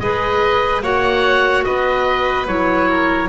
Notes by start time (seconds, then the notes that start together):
0.00 G#3 G#4 B4 D#5
0.82 A#3 F#4 C#5 F#5
1.65 B3 B4 D#5
2.47 F#3 E4 C#5
2.89 A#4